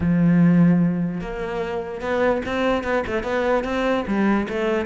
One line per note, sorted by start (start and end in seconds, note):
0.00 1.20 F3
1.20 2.01 A#3
2.01 2.41 B3
2.45 2.83 C4
2.83 3.03 B3
3.07 3.23 A3
3.23 3.64 B3
3.64 4.04 C4
4.07 4.47 G3
4.48 4.86 A3